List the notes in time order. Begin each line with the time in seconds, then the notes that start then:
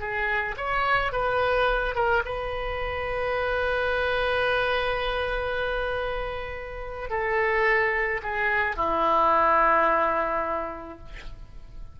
0.00 G#4
0.57 C#5
1.12 B4
1.95 A#4
2.25 B4
7.10 A4
8.23 G#4
8.77 E4